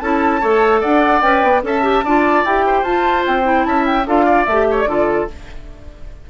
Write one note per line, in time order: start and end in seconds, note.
0.00 0.42 C#4
0.00 0.41 E4
0.00 0.40 A4
0.00 0.81 A5
0.40 0.84 A3
0.40 1.22 A4
0.40 0.81 C#5
0.81 1.23 D4
0.81 1.62 D5
0.81 1.21 F#5
1.21 1.43 C#4
1.21 1.63 B4
1.21 1.62 G5
1.43 1.63 B3
1.63 2.03 C#4
1.63 1.83 A4
1.63 2.05 E5
1.63 2.46 A5
1.83 2.03 G4
2.04 2.44 D4
2.04 2.46 F4
2.04 2.65 D5
2.44 2.83 E4
2.44 2.85 G4
2.44 2.84 G5
2.66 3.67 C5
2.83 3.23 F4
2.83 3.43 F4
2.83 3.24 A5
3.27 3.66 C4
3.27 3.65 G5
3.43 4.04 E4
3.65 4.06 C#4
3.65 4.07 E5
3.65 3.85 A5
3.86 4.06 G5
4.07 4.47 D4
4.07 4.47 F4
4.07 4.25 A4
4.07 4.45 F5
4.25 4.66 D5
4.45 4.86 A3
4.45 4.76 E5
4.52 4.87 G4
4.70 4.89 C#5
4.79 5.30 D5
4.86 5.27 D3
4.86 5.28 F4
4.86 5.30 A4